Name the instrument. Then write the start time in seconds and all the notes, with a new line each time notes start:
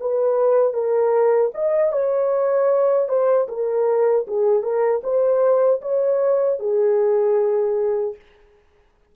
horn
0.00 B4
0.73 A#4
1.54 D#5
1.92 C#5
3.08 C5
3.48 A#4
4.27 G#4
4.62 A#4
5.03 C5
5.81 C#5
6.59 G#4